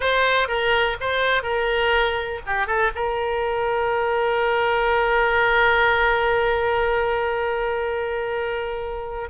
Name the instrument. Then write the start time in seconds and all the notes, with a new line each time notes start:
oboe
0.00 C5
0.47 A#4
1.00 C5
1.42 A#4
2.46 G4
2.67 A4
2.95 A#4